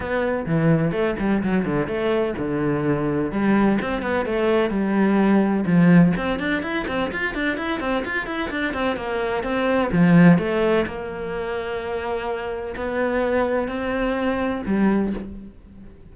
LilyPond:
\new Staff \with { instrumentName = "cello" } { \time 4/4 \tempo 4 = 127 b4 e4 a8 g8 fis8 d8 | a4 d2 g4 | c'8 b8 a4 g2 | f4 c'8 d'8 e'8 c'8 f'8 d'8 |
e'8 c'8 f'8 e'8 d'8 c'8 ais4 | c'4 f4 a4 ais4~ | ais2. b4~ | b4 c'2 g4 | }